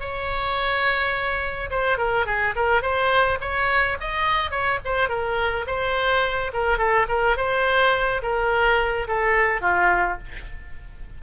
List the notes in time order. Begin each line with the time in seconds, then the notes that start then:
0.00 C#5
1.71 C5
1.98 A#4
2.26 G#4
2.55 A#4
2.82 C5
3.41 C#5
4.00 D#5
4.51 C#5
4.85 C5
5.09 A#4
5.67 C5
6.53 A#4
6.78 A4
7.08 A#4
7.37 C5
8.22 A#4
9.08 A4
9.61 F4